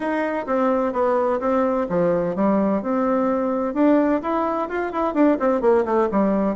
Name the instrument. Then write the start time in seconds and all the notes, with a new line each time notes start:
bassoon
0.00 D#4
0.46 C4
0.92 B3
1.40 C4
1.89 F3
2.35 G3
2.82 C4
3.74 D4
4.22 E4
4.69 F4
4.92 E4
5.13 D4
5.39 C4
5.61 A#3
5.85 A3
6.11 G3